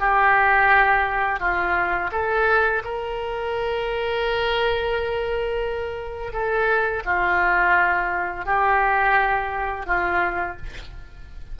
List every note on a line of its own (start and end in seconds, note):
0.00 1.40 G4
1.40 2.11 F4
2.12 2.83 A4
2.85 6.33 A#4
6.33 7.03 A4
7.06 8.45 F4
8.45 9.86 G4
9.86 10.57 F4